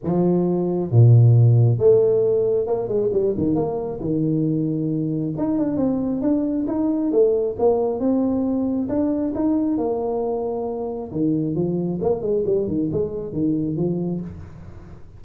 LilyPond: \new Staff \with { instrumentName = "tuba" } { \time 4/4 \tempo 4 = 135 f2 ais,2 | a2 ais8 gis8 g8 dis8 | ais4 dis2. | dis'8 d'8 c'4 d'4 dis'4 |
a4 ais4 c'2 | d'4 dis'4 ais2~ | ais4 dis4 f4 ais8 gis8 | g8 dis8 gis4 dis4 f4 | }